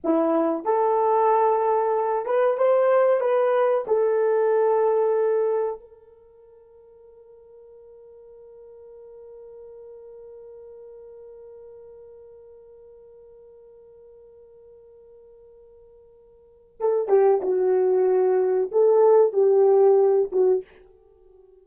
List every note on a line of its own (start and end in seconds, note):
0.04 0.65 E4
0.65 2.25 A4
2.25 2.57 B4
2.57 3.20 C5
3.20 3.84 B4
3.87 5.79 A4
5.79 16.76 A#4
16.79 17.08 A4
17.08 17.40 G4
17.41 18.70 F#4
18.71 19.32 A4
19.32 20.29 G4
20.32 20.64 F#4